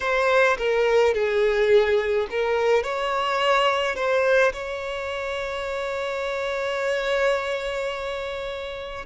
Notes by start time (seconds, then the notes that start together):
0.00 C5
0.57 A#4
1.13 G#4
2.30 A#4
2.83 C#5
3.95 C5
4.52 C#5